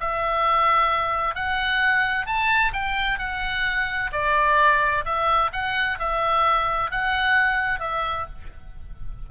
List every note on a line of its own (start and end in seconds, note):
0.00 1.35 E5
1.35 2.26 F#5
2.26 2.72 A5
2.73 3.19 G5
3.19 4.11 F#5
4.12 5.05 D5
5.05 5.51 E5
5.52 5.99 F#5
5.99 6.91 E5
6.91 7.80 F#5
7.80 8.26 E5